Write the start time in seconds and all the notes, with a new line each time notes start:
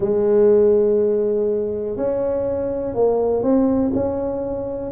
0.00 G#3
1.97 C#4
2.94 A#3
3.42 C4
3.93 C#4